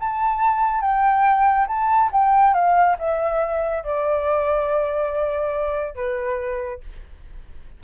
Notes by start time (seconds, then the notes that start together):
0.00 A5
0.81 G5
1.68 A5
2.12 G5
2.54 F5
2.99 E5
3.84 D5
5.95 B4